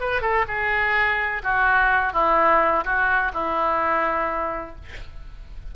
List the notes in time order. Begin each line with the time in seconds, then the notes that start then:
0.00 B4
0.21 A4
0.48 G#4
1.43 F#4
2.13 E4
2.85 F#4
3.33 E4